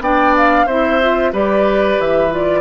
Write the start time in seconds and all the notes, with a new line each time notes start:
0.00 B3 D4 D5 G5
0.36 F5
0.66 C4 E4 C5 E5
1.01 F4
1.32 G3 G4 B4 D5
1.99 E3 E5
2.30 F4 D5